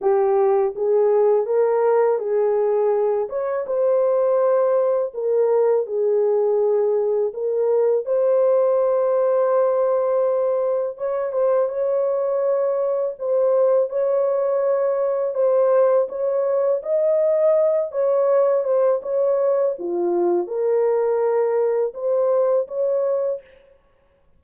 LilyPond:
\new Staff \with { instrumentName = "horn" } { \time 4/4 \tempo 4 = 82 g'4 gis'4 ais'4 gis'4~ | gis'8 cis''8 c''2 ais'4 | gis'2 ais'4 c''4~ | c''2. cis''8 c''8 |
cis''2 c''4 cis''4~ | cis''4 c''4 cis''4 dis''4~ | dis''8 cis''4 c''8 cis''4 f'4 | ais'2 c''4 cis''4 | }